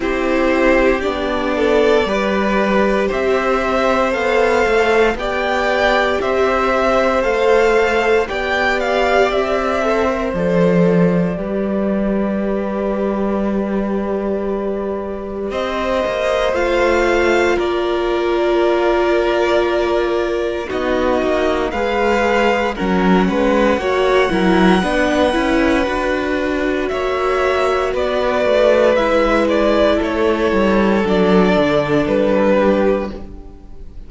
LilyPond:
<<
  \new Staff \with { instrumentName = "violin" } { \time 4/4 \tempo 4 = 58 c''4 d''2 e''4 | f''4 g''4 e''4 f''4 | g''8 f''8 e''4 d''2~ | d''2. dis''4 |
f''4 d''2. | dis''4 f''4 fis''2~ | fis''2 e''4 d''4 | e''8 d''8 cis''4 d''4 b'4 | }
  \new Staff \with { instrumentName = "violin" } { \time 4/4 g'4. a'8 b'4 c''4~ | c''4 d''4 c''2 | d''4. c''4. b'4~ | b'2. c''4~ |
c''4 ais'2. | fis'4 b'4 ais'8 b'8 cis''8 ais'8 | b'2 cis''4 b'4~ | b'4 a'2~ a'8 g'8 | }
  \new Staff \with { instrumentName = "viola" } { \time 4/4 e'4 d'4 g'2 | a'4 g'2 a'4 | g'4. a'16 ais'16 a'4 g'4~ | g'1 |
f'1 | dis'4 gis'4 cis'4 fis'8 e'8 | d'8 e'8 fis'2. | e'2 d'2 | }
  \new Staff \with { instrumentName = "cello" } { \time 4/4 c'4 b4 g4 c'4 | b8 a8 b4 c'4 a4 | b4 c'4 f4 g4~ | g2. c'8 ais8 |
a4 ais2. | b8 ais8 gis4 fis8 gis8 ais8 fis8 | b8 cis'8 d'4 ais4 b8 a8 | gis4 a8 g8 fis8 d8 g4 | }
>>